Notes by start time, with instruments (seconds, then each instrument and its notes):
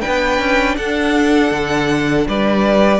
0.00 viola D4, violin B4 G5
0.07 cello B3
0.39 cello C#4
0.77 cello D4, violin A4 F#5
1.51 cello D3
2.28 cello G3, violin B4 D5